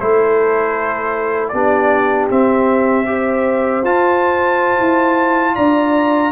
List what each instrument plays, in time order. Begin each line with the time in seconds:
0.00 tuba A3, trombone E4, horn A4, trumpet C5
1.49 tuba B3, trombone D4, horn G4, trumpet D5
2.31 trombone C4, tuba C4, trumpet E5
3.07 trombone G4, horn C5
3.84 tuba F4, trombone F4, trumpet A5
4.80 tuba E4
5.55 tuba D4, horn D5, trumpet A#5